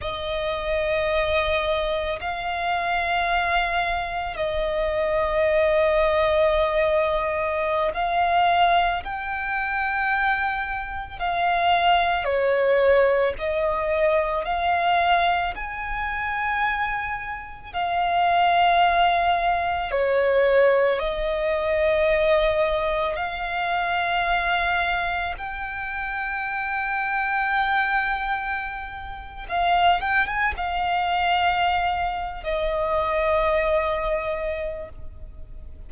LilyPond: \new Staff \with { instrumentName = "violin" } { \time 4/4 \tempo 4 = 55 dis''2 f''2 | dis''2.~ dis''16 f''8.~ | f''16 g''2 f''4 cis''8.~ | cis''16 dis''4 f''4 gis''4.~ gis''16~ |
gis''16 f''2 cis''4 dis''8.~ | dis''4~ dis''16 f''2 g''8.~ | g''2. f''8 g''16 gis''16 | f''4.~ f''16 dis''2~ dis''16 | }